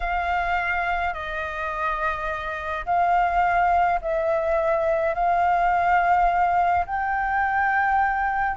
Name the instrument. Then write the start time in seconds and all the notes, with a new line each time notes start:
flute
0.00 F5
1.13 D#5
2.85 F5
4.01 E5
5.14 F5
6.86 G5